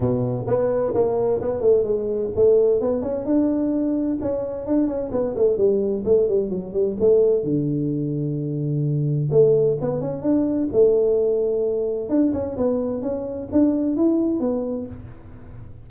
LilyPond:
\new Staff \with { instrumentName = "tuba" } { \time 4/4 \tempo 4 = 129 b,4 b4 ais4 b8 a8 | gis4 a4 b8 cis'8 d'4~ | d'4 cis'4 d'8 cis'8 b8 a8 | g4 a8 g8 fis8 g8 a4 |
d1 | a4 b8 cis'8 d'4 a4~ | a2 d'8 cis'8 b4 | cis'4 d'4 e'4 b4 | }